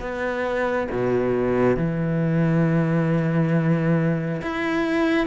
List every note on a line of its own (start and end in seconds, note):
0.00 0.88 B3
0.91 1.77 B2
1.77 4.42 E3
4.42 5.27 E4